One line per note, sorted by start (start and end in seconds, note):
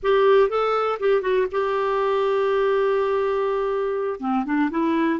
0.02 0.49 G4
0.49 0.98 A4
0.99 1.21 G4
1.21 1.46 F#4
1.51 4.20 G4
4.20 4.44 C4
4.45 4.69 D4
4.70 5.19 E4